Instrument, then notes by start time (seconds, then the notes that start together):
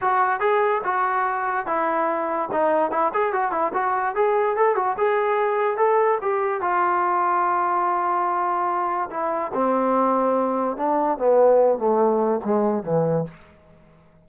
trombone
0.01 F#4
0.40 G#4
0.84 F#4
1.66 E4
2.51 D#4
2.91 E4
3.13 G#4
3.32 F#4
3.51 E4
3.73 F#4
4.15 G#4
4.56 A4
4.75 F#4
4.97 G#4
5.77 A4
6.21 G4
6.61 F4
9.10 E4
9.53 C4
10.76 D4
11.18 B3
11.78 A3
12.44 G#3
12.83 E3